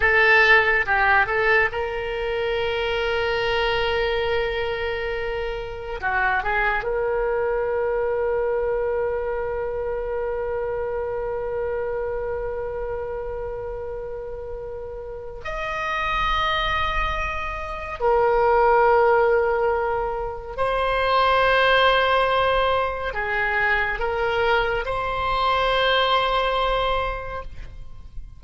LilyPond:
\new Staff \with { instrumentName = "oboe" } { \time 4/4 \tempo 4 = 70 a'4 g'8 a'8 ais'2~ | ais'2. fis'8 gis'8 | ais'1~ | ais'1~ |
ais'2 dis''2~ | dis''4 ais'2. | c''2. gis'4 | ais'4 c''2. | }